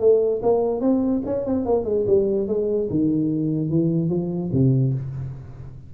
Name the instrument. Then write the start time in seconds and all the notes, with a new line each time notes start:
tuba
0.00 A3
0.42 A#3
0.81 C4
1.25 C#4
1.45 C4
1.66 A#3
1.84 G#3
2.07 G3
2.47 G#3
2.90 D#3
3.69 E3
4.09 F3
4.52 C3